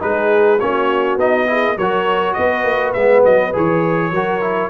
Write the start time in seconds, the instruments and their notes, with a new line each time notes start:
0.00 tuba G#3, trombone D#4, horn G#4, trumpet B4
0.60 tuba A#3, trombone C#4, horn F#4, trumpet C#5
1.17 tuba B3, trombone D#4, trumpet D#5
1.47 trombone E4, horn G#4
1.76 tuba F#3, trombone F#4, horn A#4, trumpet C#5
2.34 tuba B3, horn B4, trumpet D#5
2.65 tuba A#3
2.94 tuba G#3, trombone B3, trumpet E5
3.25 tuba F#3, trumpet D#5
3.53 tuba E3, trombone G#4, trumpet C#5
4.12 tuba F#3, trombone F#4, horn A#4
4.41 trombone E4